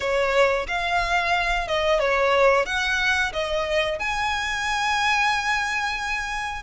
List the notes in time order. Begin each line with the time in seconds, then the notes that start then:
0.00 C#5
0.67 F5
1.67 D#5
1.99 C#5
2.65 F#5
3.32 D#5
3.99 G#5